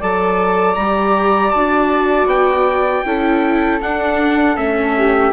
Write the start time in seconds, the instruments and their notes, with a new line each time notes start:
0.00 bassoon F#3, viola A4, flute D5, trumpet A5
0.75 bassoon G3, trumpet A#5
0.81 viola G4
1.51 bassoon D4, viola F#4, trumpet A5
2.26 bassoon B3, trumpet G5
3.05 bassoon C#4, viola E4, flute A4
3.82 viola D4, bassoon D4, trumpet F#5
4.56 bassoon A3, viola C#4, trumpet E5
4.97 flute G4